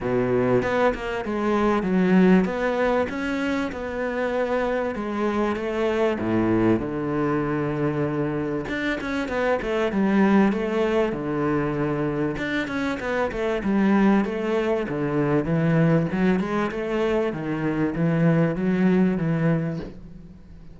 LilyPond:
\new Staff \with { instrumentName = "cello" } { \time 4/4 \tempo 4 = 97 b,4 b8 ais8 gis4 fis4 | b4 cis'4 b2 | gis4 a4 a,4 d4~ | d2 d'8 cis'8 b8 a8 |
g4 a4 d2 | d'8 cis'8 b8 a8 g4 a4 | d4 e4 fis8 gis8 a4 | dis4 e4 fis4 e4 | }